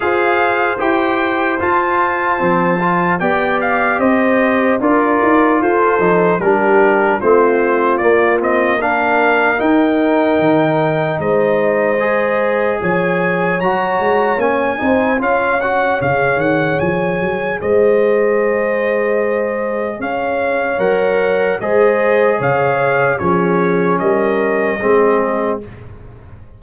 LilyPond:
<<
  \new Staff \with { instrumentName = "trumpet" } { \time 4/4 \tempo 4 = 75 f''4 g''4 a''2 | g''8 f''8 dis''4 d''4 c''4 | ais'4 c''4 d''8 dis''8 f''4 | g''2 dis''2 |
gis''4 ais''4 gis''4 f''8 fis''8 | f''8 fis''8 gis''4 dis''2~ | dis''4 f''4 fis''4 dis''4 | f''4 cis''4 dis''2 | }
  \new Staff \with { instrumentName = "horn" } { \time 4/4 c''1 | d''4 c''4 ais'4 a'4 | g'4 f'2 ais'4~ | ais'2 c''2 |
cis''2~ cis''8 c''8 cis''4~ | cis''2 c''2~ | c''4 cis''2 c''4 | cis''4 gis'4 ais'4 gis'4 | }
  \new Staff \with { instrumentName = "trombone" } { \time 4/4 gis'4 g'4 f'4 c'8 f'8 | g'2 f'4. dis'8 | d'4 c'4 ais8 c'8 d'4 | dis'2. gis'4~ |
gis'4 fis'4 cis'8 dis'8 f'8 fis'8 | gis'1~ | gis'2 ais'4 gis'4~ | gis'4 cis'2 c'4 | }
  \new Staff \with { instrumentName = "tuba" } { \time 4/4 f'4 e'4 f'4 f4 | b4 c'4 d'8 dis'8 f'8 f8 | g4 a4 ais2 | dis'4 dis4 gis2 |
f4 fis8 gis8 ais8 c'8 cis'4 | cis8 dis8 f8 fis8 gis2~ | gis4 cis'4 fis4 gis4 | cis4 f4 g4 gis4 | }
>>